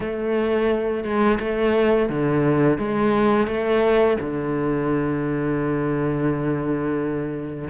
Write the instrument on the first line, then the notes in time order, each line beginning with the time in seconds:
cello
0.00 A3
1.04 G#3
1.39 A3
2.09 D3
2.78 G#3
3.47 A3
4.20 D3